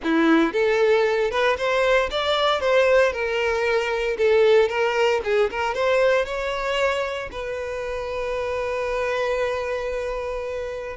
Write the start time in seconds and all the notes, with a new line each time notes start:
0.03 E4
0.52 A4
1.30 B4
1.57 C5
2.10 D5
2.60 C5
3.12 A#4
4.17 A4
4.68 A#4
5.24 G#4
5.50 A#4
5.74 C5
6.25 C#5
7.31 B4